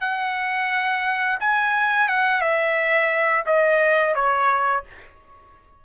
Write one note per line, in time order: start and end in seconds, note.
0.00 1.38 F#5
1.39 2.08 G#5
2.08 2.41 F#5
2.41 3.44 E5
3.46 4.14 D#5
4.14 4.83 C#5